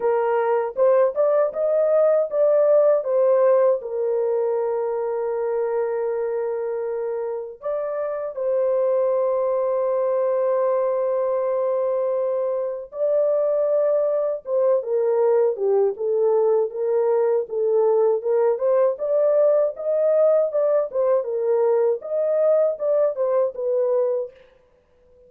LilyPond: \new Staff \with { instrumentName = "horn" } { \time 4/4 \tempo 4 = 79 ais'4 c''8 d''8 dis''4 d''4 | c''4 ais'2.~ | ais'2 d''4 c''4~ | c''1~ |
c''4 d''2 c''8 ais'8~ | ais'8 g'8 a'4 ais'4 a'4 | ais'8 c''8 d''4 dis''4 d''8 c''8 | ais'4 dis''4 d''8 c''8 b'4 | }